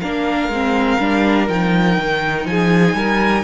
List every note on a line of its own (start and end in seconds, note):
0.00 0.48 A#3
0.00 0.52 D4
0.00 2.46 A#4
0.00 1.48 F5
0.48 0.97 G#3
0.48 1.00 C4
1.00 1.48 G3
1.00 1.48 D4
1.48 1.97 F3
1.48 3.43 D#4
1.48 2.46 G5
1.98 2.45 D#3
2.45 2.93 F3
2.45 2.96 G#4
2.45 3.43 G#5
2.93 3.43 G3
2.93 3.43 A#4